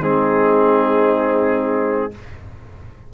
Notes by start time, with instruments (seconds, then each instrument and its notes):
0.00 tuba G#3, trombone C4, horn D#4, trumpet G#4